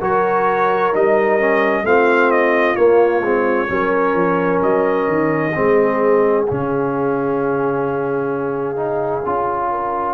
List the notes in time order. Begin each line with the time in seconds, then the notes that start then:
0.00 F#3 F#4 A#4 C#5
0.93 G3 D#4 D#5
1.40 C#4
1.83 A3 C4 F4 F5
2.31 D#5
2.76 A#3 C#5
3.21 G#3 C4
3.68 F#3 C#4 A#4
4.15 F3
4.63 F#3 D#5
5.08 D#3
5.55 G#3 C4 G#4
6.45 C#4 F5
6.51 C#3
8.76 D#4
9.26 C#4 F4
9.71 A#4